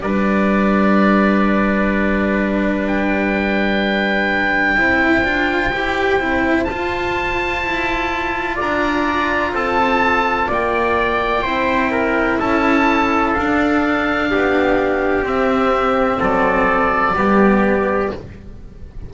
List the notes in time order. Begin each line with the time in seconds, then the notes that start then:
0.00 G3 D4 B4 D5
2.87 G5
4.76 C4 E4 C5
5.24 D4 F4
5.72 E4 G4
6.19 C4 E4
6.64 F4 A5
7.63 E4
8.55 D4 D5 A#5
9.52 C4 A4 A5
10.47 A#3 D5 G5
11.43 C4 E4 C5
11.91 A#4
12.39 C#4 A4 A5
13.34 D4 F5
14.31 B3 G4
15.22 C4 E5
16.19 F#3 A4 D5
17.13 G3 B3 G4